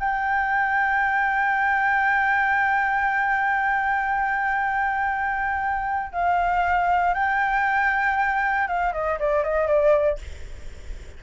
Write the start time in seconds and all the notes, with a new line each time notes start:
0.00 G5
6.13 F5
7.14 G5
8.68 F5
8.93 D#5
9.20 D5
9.44 D#5
9.68 D5